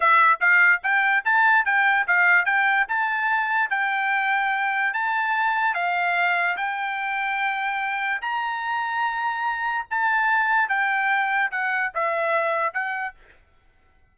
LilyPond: \new Staff \with { instrumentName = "trumpet" } { \time 4/4 \tempo 4 = 146 e''4 f''4 g''4 a''4 | g''4 f''4 g''4 a''4~ | a''4 g''2. | a''2 f''2 |
g''1 | ais''1 | a''2 g''2 | fis''4 e''2 fis''4 | }